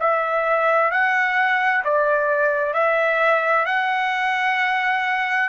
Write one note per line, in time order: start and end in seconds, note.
0.00 0.91 E5
0.91 1.84 F#5
1.84 2.74 D5
2.74 3.66 E5
3.66 5.49 F#5